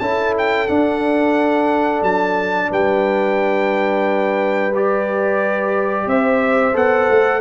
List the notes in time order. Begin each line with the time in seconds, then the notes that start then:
0.00 C#4 E4 A4 A5
0.38 G5
0.67 D4 F#5
2.02 F#3 A5
2.70 G3 B4 G5
4.75 G4 D5
6.06 C4 C5 E5
6.73 B3 A4 F#5
7.10 A3